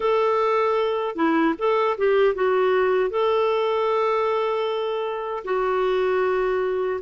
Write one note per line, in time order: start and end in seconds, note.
0.00 1.15 A4
1.15 1.54 E4
1.58 1.97 A4
1.97 2.34 G4
2.34 3.10 F#4
3.10 5.43 A4
5.44 7.00 F#4